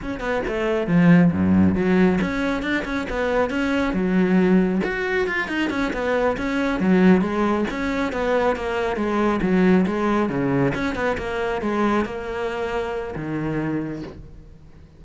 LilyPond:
\new Staff \with { instrumentName = "cello" } { \time 4/4 \tempo 4 = 137 cis'8 b8 a4 f4 fis,4 | fis4 cis'4 d'8 cis'8 b4 | cis'4 fis2 fis'4 | f'8 dis'8 cis'8 b4 cis'4 fis8~ |
fis8 gis4 cis'4 b4 ais8~ | ais8 gis4 fis4 gis4 cis8~ | cis8 cis'8 b8 ais4 gis4 ais8~ | ais2 dis2 | }